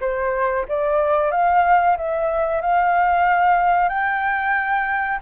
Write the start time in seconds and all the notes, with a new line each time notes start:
0.00 C5
0.68 D5
1.31 F5
1.97 E5
2.61 F5
3.88 G5